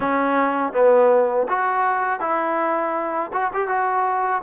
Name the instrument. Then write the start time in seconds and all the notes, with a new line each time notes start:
trombone
0.00 C#4
0.72 B3
1.48 F#4
2.20 E4
3.32 F#4
3.53 G4
3.67 F#4